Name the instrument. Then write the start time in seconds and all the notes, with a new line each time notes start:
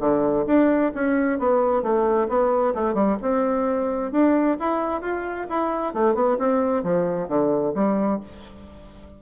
bassoon
0.00 D3
0.46 D4
0.94 C#4
1.39 B3
1.82 A3
2.29 B3
2.74 A3
2.94 G3
3.22 C4
4.12 D4
4.60 E4
5.01 F4
5.49 E4
5.94 A3
6.14 B3
6.38 C4
6.83 F3
7.28 D3
7.75 G3